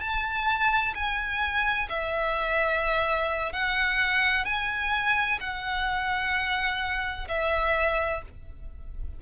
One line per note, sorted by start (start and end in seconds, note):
0.00 0.94 A5
0.94 1.88 G#5
1.89 3.52 E5
3.52 4.44 F#5
4.44 5.38 G#5
5.40 7.27 F#5
7.28 8.22 E5